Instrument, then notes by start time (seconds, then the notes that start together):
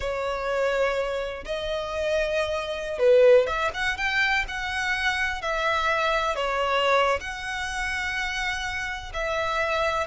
violin
0.00 C#5
1.44 D#5
2.98 B4
3.46 E5
3.74 F#5
3.97 G5
4.48 F#5
5.41 E5
6.35 C#5
7.20 F#5
9.13 E5